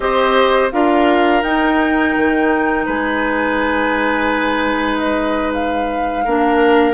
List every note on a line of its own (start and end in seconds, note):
0.00 0.72 C4
0.00 0.71 G4
0.00 0.73 C5
0.00 0.71 D#5
0.71 1.43 D4
0.71 1.43 F4
0.71 2.85 A#4
0.71 1.42 F5
1.42 2.14 D#4
1.42 6.25 D#4
1.42 2.85 G5
2.16 2.86 D#3
2.85 6.25 G#3
2.85 6.24 B4
2.85 4.98 G#5
4.98 5.51 D#5
5.53 6.93 F5
6.24 6.93 A#3
6.24 6.93 D4
6.24 6.93 A#4